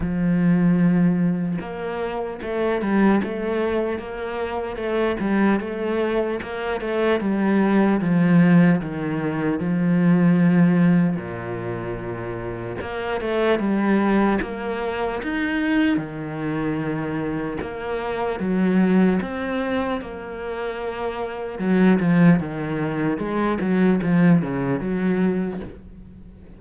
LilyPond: \new Staff \with { instrumentName = "cello" } { \time 4/4 \tempo 4 = 75 f2 ais4 a8 g8 | a4 ais4 a8 g8 a4 | ais8 a8 g4 f4 dis4 | f2 ais,2 |
ais8 a8 g4 ais4 dis'4 | dis2 ais4 fis4 | c'4 ais2 fis8 f8 | dis4 gis8 fis8 f8 cis8 fis4 | }